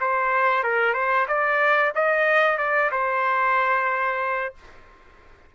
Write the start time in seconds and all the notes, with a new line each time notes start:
0.00 C5
0.63 A#4
0.94 C5
1.28 D5
1.95 D#5
2.58 D5
2.91 C5